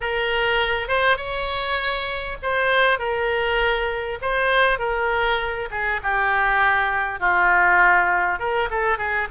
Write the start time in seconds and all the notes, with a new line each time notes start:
0.00 A#4
0.88 C5
1.17 C#5
2.42 C5
2.98 A#4
4.21 C5
4.78 A#4
5.70 G#4
6.02 G4
7.19 F4
8.39 A#4
8.70 A4
8.98 G#4